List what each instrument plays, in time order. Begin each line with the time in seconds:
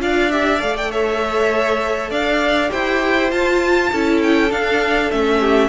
0.00 cello D4, viola F4, violin D5 F5
0.31 viola G4, violin E5
0.59 cello A3, viola A4, violin F5
0.77 violin G5
0.91 violin C#5 E5
2.10 cello D4, violin D5 F5
2.69 cello E4, viola G4, violin C5 G5
3.31 cello F4, viola F4, violin A5
3.92 cello C#4, viola E4, violin A4
4.22 violin G5
4.49 viola D4, cello D4, violin F5
5.11 cello A3, viola C#4, violin E5
5.40 violin G4